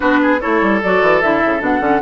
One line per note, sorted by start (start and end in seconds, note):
0.00 0.41 B3
0.00 0.39 D4
0.00 0.20 F#4
0.00 0.37 B4
0.22 0.40 G#4
0.40 0.61 A3
0.40 0.81 E4
0.40 2.02 A4
0.40 0.81 C#5
0.61 0.81 G3
0.83 1.02 F#3
0.83 1.22 F#4
0.83 1.21 D5
1.02 1.22 E3
1.21 1.42 D3
1.21 1.59 E4
1.21 1.62 E5
1.44 1.60 C#3
1.59 1.80 B2
1.59 1.79 D4
1.59 2.02 F#5
1.80 2.00 D3
1.80 2.00 C#4